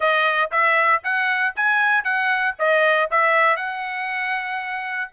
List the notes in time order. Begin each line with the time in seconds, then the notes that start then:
0.00 D#5
0.51 E5
1.03 F#5
1.55 G#5
2.03 F#5
2.58 D#5
3.10 E5
3.56 F#5